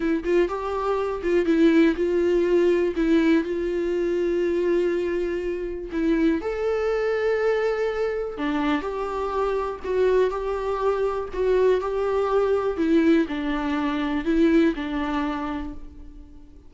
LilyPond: \new Staff \with { instrumentName = "viola" } { \time 4/4 \tempo 4 = 122 e'8 f'8 g'4. f'8 e'4 | f'2 e'4 f'4~ | f'1 | e'4 a'2.~ |
a'4 d'4 g'2 | fis'4 g'2 fis'4 | g'2 e'4 d'4~ | d'4 e'4 d'2 | }